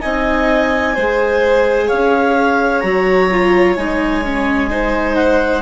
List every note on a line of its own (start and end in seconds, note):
0.00 0.97 C4
0.00 0.94 D#4
0.00 0.95 D#5
0.00 1.88 G#5
0.95 1.91 G#3
0.95 2.83 G#4
0.95 1.88 C5
1.88 2.84 C#4
1.88 4.69 C#5
1.88 2.80 F5
2.80 3.77 F#3
2.80 3.30 F#4
2.80 3.74 A#5
3.31 3.77 F4
3.75 5.62 G#3
3.75 4.24 D#4
3.75 5.16 G#5
4.25 4.70 C#4
4.70 5.62 D#4
4.70 5.62 C5
5.16 5.62 F#5